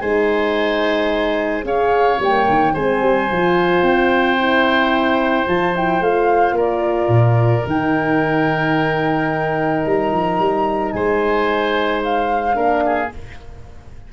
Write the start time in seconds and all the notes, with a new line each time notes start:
0.00 G#3 D#4 C5 G#5
1.63 C#4 G#4 C#5 F5
2.19 G3 A#3 G5
2.49 D#3
2.73 G#3 C4 C5 G#5
3.01 G3
3.29 F3 F4
3.82 C4 G5
4.38 E4
5.47 F3 F4 A5
5.76 E4 G5
6.00 A3 F4 F5
6.52 A#3 A#4 D5
7.08 A#2
7.65 D#3 D#4 G5
9.86 G3 A#5
10.12 F3
10.39 G3
10.92 G#3 C5 G#5
12.03 F5
12.54 A#3 D4 A#4
12.85 G#4